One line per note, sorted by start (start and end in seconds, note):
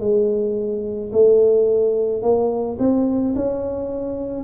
0.00 1.11 G#3
1.12 2.22 A3
2.22 2.78 A#3
2.79 3.35 C4
3.35 4.44 C#4